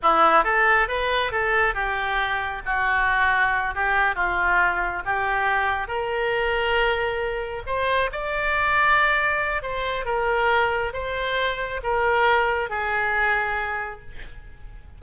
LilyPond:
\new Staff \with { instrumentName = "oboe" } { \time 4/4 \tempo 4 = 137 e'4 a'4 b'4 a'4 | g'2 fis'2~ | fis'8 g'4 f'2 g'8~ | g'4. ais'2~ ais'8~ |
ais'4. c''4 d''4.~ | d''2 c''4 ais'4~ | ais'4 c''2 ais'4~ | ais'4 gis'2. | }